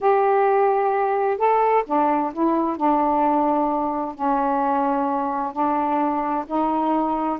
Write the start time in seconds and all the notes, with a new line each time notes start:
0.00 G4
1.37 A4
1.86 D4
2.33 E4
2.77 D4
4.14 C#4
5.52 D4
6.47 D#4